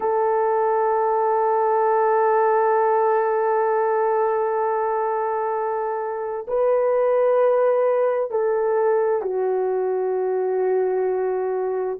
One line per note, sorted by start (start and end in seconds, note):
0.00 6.46 A4
6.47 8.31 B4
8.31 9.22 A4
9.22 11.99 F#4